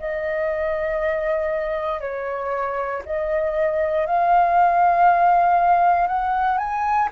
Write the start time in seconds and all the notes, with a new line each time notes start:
0.00 D#5
2.01 C#5
3.06 D#5
4.07 F5
6.08 F#5
6.58 G#5